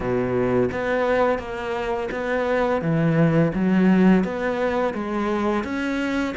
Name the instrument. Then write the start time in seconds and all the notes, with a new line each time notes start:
cello
0.00 B2
0.71 B3
1.38 A#3
2.11 B3
2.81 E3
3.54 F#3
4.24 B3
4.93 G#3
5.63 C#4